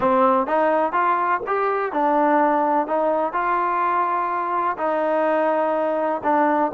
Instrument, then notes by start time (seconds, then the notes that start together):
trombone
0.00 C4
0.46 D#4
0.92 F4
1.46 G4
1.92 D4
2.87 D#4
3.33 F4
4.77 D#4
6.23 D4